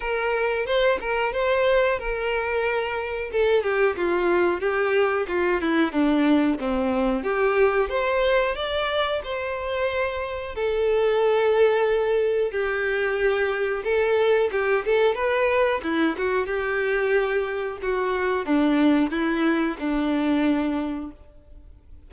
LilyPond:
\new Staff \with { instrumentName = "violin" } { \time 4/4 \tempo 4 = 91 ais'4 c''8 ais'8 c''4 ais'4~ | ais'4 a'8 g'8 f'4 g'4 | f'8 e'8 d'4 c'4 g'4 | c''4 d''4 c''2 |
a'2. g'4~ | g'4 a'4 g'8 a'8 b'4 | e'8 fis'8 g'2 fis'4 | d'4 e'4 d'2 | }